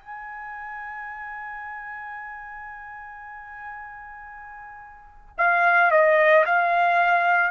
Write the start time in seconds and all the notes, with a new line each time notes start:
0.00 G#5
5.38 F5
5.91 D#5
6.46 F5